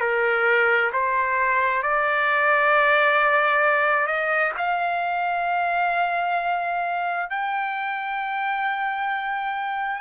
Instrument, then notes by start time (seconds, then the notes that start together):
trumpet
0.00 A#4
0.93 C5
1.83 D5
4.07 D#5
4.57 F5
7.30 G5